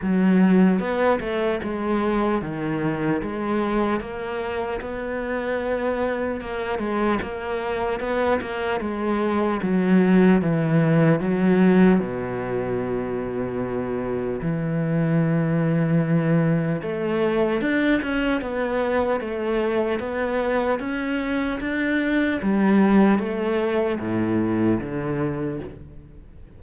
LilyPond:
\new Staff \with { instrumentName = "cello" } { \time 4/4 \tempo 4 = 75 fis4 b8 a8 gis4 dis4 | gis4 ais4 b2 | ais8 gis8 ais4 b8 ais8 gis4 | fis4 e4 fis4 b,4~ |
b,2 e2~ | e4 a4 d'8 cis'8 b4 | a4 b4 cis'4 d'4 | g4 a4 a,4 d4 | }